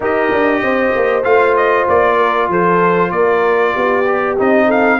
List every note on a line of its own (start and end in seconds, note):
0.00 0.30 D#4
0.00 1.23 G4
0.00 0.62 A#4
0.00 1.24 D#5
0.31 0.62 D4
0.62 0.93 C4
0.62 2.16 C5
0.95 1.24 A#3
1.23 1.86 A3
1.23 4.04 F4
1.23 1.55 F5
1.56 1.87 D#5
1.88 2.48 A#3
1.88 2.51 D5
2.16 2.47 A#4
2.48 3.11 F3
2.48 3.10 A4
2.48 3.11 C5
3.10 3.73 A#3
3.10 3.73 A#4
3.10 4.36 D5
3.73 4.39 B3
3.73 4.66 G4
4.06 4.37 G4
4.38 5.00 C4
4.38 5.00 D#4
4.38 4.70 D#5
4.66 4.97 A4
4.66 5.00 F5